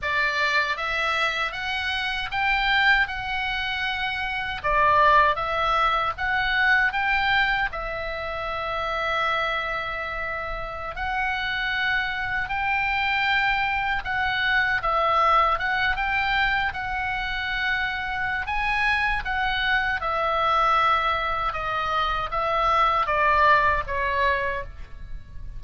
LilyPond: \new Staff \with { instrumentName = "oboe" } { \time 4/4 \tempo 4 = 78 d''4 e''4 fis''4 g''4 | fis''2 d''4 e''4 | fis''4 g''4 e''2~ | e''2~ e''16 fis''4.~ fis''16~ |
fis''16 g''2 fis''4 e''8.~ | e''16 fis''8 g''4 fis''2~ fis''16 | gis''4 fis''4 e''2 | dis''4 e''4 d''4 cis''4 | }